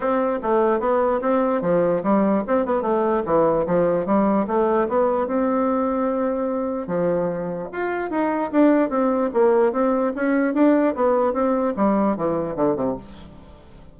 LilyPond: \new Staff \with { instrumentName = "bassoon" } { \time 4/4 \tempo 4 = 148 c'4 a4 b4 c'4 | f4 g4 c'8 b8 a4 | e4 f4 g4 a4 | b4 c'2.~ |
c'4 f2 f'4 | dis'4 d'4 c'4 ais4 | c'4 cis'4 d'4 b4 | c'4 g4 e4 d8 c8 | }